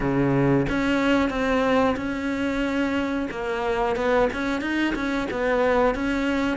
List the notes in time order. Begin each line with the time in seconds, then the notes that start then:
0.00 C#3
0.69 C#4
1.29 C4
1.96 C#4
3.31 A#3
3.96 B3
4.33 C#4
4.61 D#4
4.95 C#4
5.30 B3
5.94 C#4